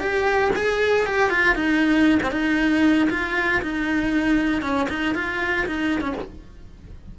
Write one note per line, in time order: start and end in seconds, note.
0.00 0.51 G4
0.55 1.06 G#4
1.06 1.30 G4
1.30 1.55 F4
1.55 2.19 D#4
2.23 2.31 C4
2.31 3.08 D#4
3.10 3.62 F4
3.62 4.62 D#4
4.62 4.88 C#4
4.89 5.15 D#4
5.15 5.66 F4
5.66 6.01 D#4
6.01 6.14 C#4